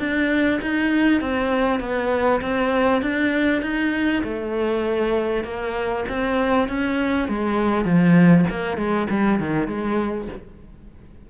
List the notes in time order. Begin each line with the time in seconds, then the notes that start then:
0.00 D4
0.62 D#4
1.21 C4
1.81 B3
2.42 C4
3.02 D4
3.63 D#4
4.24 A3
5.44 A#3
6.09 C4
6.69 C#4
7.29 G#3
7.85 F3
8.50 A#3
8.77 G#3
9.10 G3
9.40 D#3
9.68 G#3